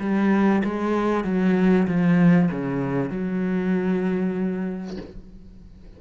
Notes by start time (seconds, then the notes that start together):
0.00 G3
0.64 G#3
1.24 F#3
1.87 F3
2.51 C#3
3.10 F#3